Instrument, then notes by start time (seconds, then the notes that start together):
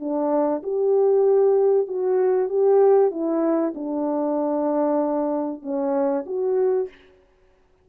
horn
0.00 D4
0.63 G4
1.88 F#4
2.49 G4
3.11 E4
3.75 D4
5.62 C#4
6.26 F#4